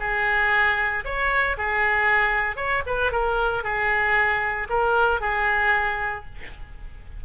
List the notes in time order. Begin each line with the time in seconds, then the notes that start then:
0.00 G#4
1.05 C#5
1.57 G#4
2.57 C#5
2.86 B4
3.12 A#4
3.64 G#4
4.70 A#4
5.21 G#4